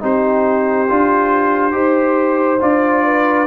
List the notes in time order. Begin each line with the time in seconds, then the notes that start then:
0.00 C4 D#4 G4 C5
0.89 D4 F4
1.71 D#4 G4 C5
2.60 D4 F4 D5
3.05 B4